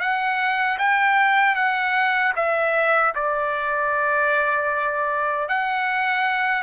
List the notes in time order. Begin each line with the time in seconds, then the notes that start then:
0.00 F#5
0.79 G5
1.55 F#5
2.36 E5
3.15 D5
5.48 F#5